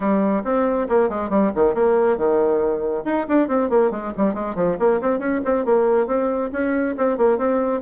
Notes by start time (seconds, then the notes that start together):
0.00 G3
0.44 C4
0.89 A#3
1.09 G#3
1.29 G3
1.55 D#3
1.74 A#3
2.17 D#3
3.04 D#4
3.28 D4
3.47 C4
3.69 A#3
3.90 G#3
4.17 G3
4.33 G#3
4.55 F3
4.79 A#3
5.01 C4
5.19 C#4
5.44 C4
5.65 A#3
6.07 C4
6.52 C#4
6.97 C4
7.17 A#3
7.38 C4